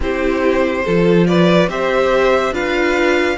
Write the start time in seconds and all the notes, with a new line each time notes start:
0.00 C4 E4 G4 C5
0.85 F3 F4 A4
1.27 B4 D5
1.68 C4 G4 C5 E5
2.51 D4 F4 B4 F5